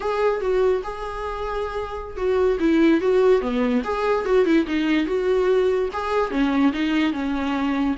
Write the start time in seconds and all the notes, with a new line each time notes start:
0.00 G#4
0.40 F#4
0.83 G#4
2.16 F#4
2.59 E4
3.00 F#4
3.41 B3
3.84 G#4
4.25 F#4
4.45 E4
4.66 D#4
5.06 F#4
5.92 G#4
6.30 C#4
6.72 D#4
7.12 C#4